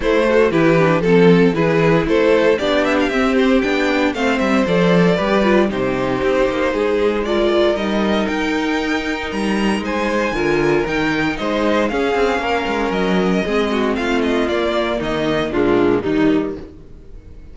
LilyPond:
<<
  \new Staff \with { instrumentName = "violin" } { \time 4/4 \tempo 4 = 116 c''4 b'4 a'4 b'4 | c''4 d''8 e''16 f''16 e''8 c''8 g''4 | f''8 e''8 d''2 c''4~ | c''2 d''4 dis''4 |
g''2 ais''4 gis''4~ | gis''4 g''4 dis''4 f''4~ | f''4 dis''2 f''8 dis''8 | d''4 dis''4 f'4 dis'4 | }
  \new Staff \with { instrumentName = "violin" } { \time 4/4 e'8 fis'8 g'4 a'4 gis'4 | a'4 g'2. | c''2 b'4 g'4~ | g'4 gis'4 ais'2~ |
ais'2. c''4 | ais'2 c''4 gis'4 | ais'2 gis'8 fis'8 f'4~ | f'4 dis'4 d'4 dis'4 | }
  \new Staff \with { instrumentName = "viola" } { \time 4/4 a4 e'8 d'8 c'4 e'4~ | e'4 d'4 c'4 d'4 | c'4 a'4 g'8 f'8 dis'4~ | dis'2 f'4 dis'4~ |
dis'1 | f'4 dis'2 cis'4~ | cis'2 c'2 | ais2 gis4 g4 | }
  \new Staff \with { instrumentName = "cello" } { \time 4/4 a4 e4 f4 e4 | a4 b4 c'4 b4 | a8 g8 f4 g4 c4 | c'8 ais8 gis2 g4 |
dis'2 g4 gis4 | d4 dis4 gis4 cis'8 c'8 | ais8 gis8 fis4 gis4 a4 | ais4 dis4 ais,4 dis4 | }
>>